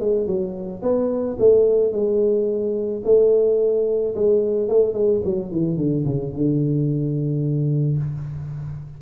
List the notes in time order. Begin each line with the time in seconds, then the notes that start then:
0.00 G#3
0.27 F#3
0.82 B3
1.39 A3
1.92 G#3
3.05 A3
4.15 G#3
4.69 A3
4.94 G#3
5.25 F#3
5.51 E3
5.77 D3
6.05 C#3
6.33 D3